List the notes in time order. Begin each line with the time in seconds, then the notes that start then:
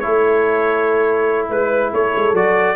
0.00 A3 E4 A4 C#5
1.50 G#3 B4
1.93 A3 A4 C#5
2.15 G#3
2.33 F#3 F#4 D5